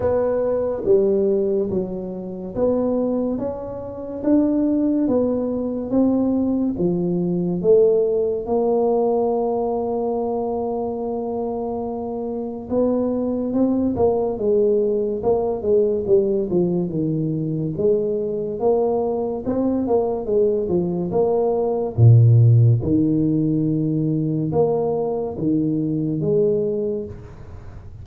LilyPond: \new Staff \with { instrumentName = "tuba" } { \time 4/4 \tempo 4 = 71 b4 g4 fis4 b4 | cis'4 d'4 b4 c'4 | f4 a4 ais2~ | ais2. b4 |
c'8 ais8 gis4 ais8 gis8 g8 f8 | dis4 gis4 ais4 c'8 ais8 | gis8 f8 ais4 ais,4 dis4~ | dis4 ais4 dis4 gis4 | }